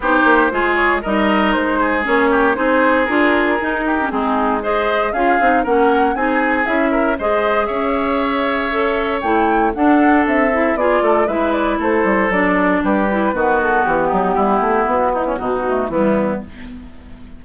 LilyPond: <<
  \new Staff \with { instrumentName = "flute" } { \time 4/4 \tempo 4 = 117 c''4. cis''8 dis''4 c''4 | cis''4 c''4 ais'2 | gis'4 dis''4 f''4 fis''4 | gis''4 e''4 dis''4 e''4~ |
e''2 g''4 fis''4 | e''4 d''4 e''8 d''8 c''4 | d''4 b'4. a'8 g'4~ | g'4 fis'8 e'8 fis'4 e'4 | }
  \new Staff \with { instrumentName = "oboe" } { \time 4/4 g'4 gis'4 ais'4. gis'8~ | gis'8 g'8 gis'2~ gis'8 g'8 | dis'4 c''4 gis'4 ais'4 | gis'4. ais'8 c''4 cis''4~ |
cis''2. a'4~ | a'4 gis'8 a'8 b'4 a'4~ | a'4 g'4 fis'4. dis'8 | e'4. dis'16 cis'16 dis'4 b4 | }
  \new Staff \with { instrumentName = "clarinet" } { \time 4/4 dis'4 f'4 dis'2 | cis'4 dis'4 f'4 dis'8. cis'16 | c'4 gis'4 f'8 dis'8 cis'4 | dis'4 e'4 gis'2~ |
gis'4 a'4 e'4 d'4~ | d'8 e'8 f'4 e'2 | d'4. e'8 b2~ | b2~ b8 a8 g4 | }
  \new Staff \with { instrumentName = "bassoon" } { \time 4/4 c'8 ais8 gis4 g4 gis4 | ais4 c'4 d'4 dis'4 | gis2 cis'8 c'8 ais4 | c'4 cis'4 gis4 cis'4~ |
cis'2 a4 d'4 | c'4 b8 a8 gis4 a8 g8 | fis4 g4 dis4 e8 fis8 | g8 a8 b4 b,4 e4 | }
>>